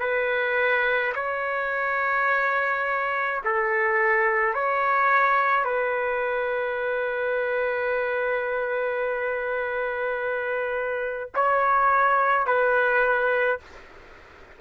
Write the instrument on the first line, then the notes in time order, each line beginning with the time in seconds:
trumpet
0.00 B4
1.15 C#5
3.45 A4
4.55 C#5
5.65 B4
11.35 C#5
12.47 B4